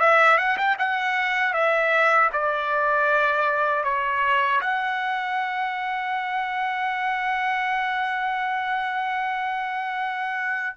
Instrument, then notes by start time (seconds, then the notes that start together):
trumpet
0.00 E5
0.38 F#5
0.58 G5
0.79 F#5
1.53 E5
2.33 D5
3.84 C#5
4.61 F#5